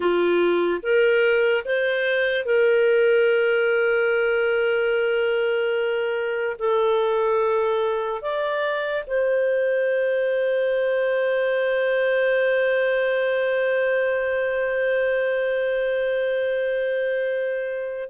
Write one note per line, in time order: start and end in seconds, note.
0.00 0.80 F4
0.82 1.64 A#4
1.64 2.45 C5
2.45 6.56 A#4
6.58 8.21 A4
8.21 9.03 D5
9.06 18.09 C5